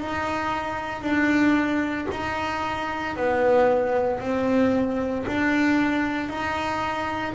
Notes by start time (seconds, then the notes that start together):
0.00 D#4
1.02 D4
2.11 D#4
3.16 B3
4.21 C4
5.27 D4
6.29 D#4